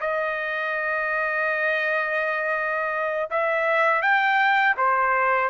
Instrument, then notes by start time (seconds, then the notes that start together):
trumpet
0.00 D#5
3.31 E5
4.02 G5
4.77 C5